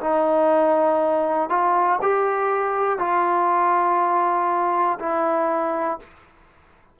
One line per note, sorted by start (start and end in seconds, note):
0.00 1.49 D#4
1.49 1.99 F4
2.02 2.99 G4
2.99 4.99 F4
4.99 5.99 E4